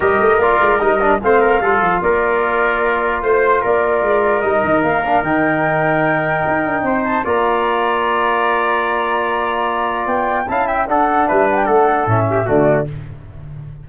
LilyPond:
<<
  \new Staff \with { instrumentName = "flute" } { \time 4/4 \tempo 4 = 149 dis''4 d''4 dis''4 f''4~ | f''4 d''2. | c''4 d''2 dis''4 | f''4 g''2.~ |
g''4. a''8 ais''2~ | ais''1~ | ais''4 g''4 a''8 g''8 fis''4 | e''8 fis''16 g''16 fis''4 e''4 d''4 | }
  \new Staff \with { instrumentName = "trumpet" } { \time 4/4 ais'2. c''8 ais'8 | a'4 ais'2. | c''4 ais'2.~ | ais'1~ |
ais'4 c''4 d''2~ | d''1~ | d''2 f''8 e''8 a'4 | b'4 a'4. g'8 fis'4 | }
  \new Staff \with { instrumentName = "trombone" } { \time 4/4 g'4 f'4 dis'8 d'8 c'4 | f'1~ | f'2. dis'4~ | dis'8 d'8 dis'2.~ |
dis'2 f'2~ | f'1~ | f'2 e'4 d'4~ | d'2 cis'4 a4 | }
  \new Staff \with { instrumentName = "tuba" } { \time 4/4 g8 a8 ais8 gis8 g4 a4 | g8 f8 ais2. | a4 ais4 gis4 g8 dis8 | ais4 dis2. |
dis'8 d'8 c'4 ais2~ | ais1~ | ais4 b4 cis'4 d'4 | g4 a4 a,4 d4 | }
>>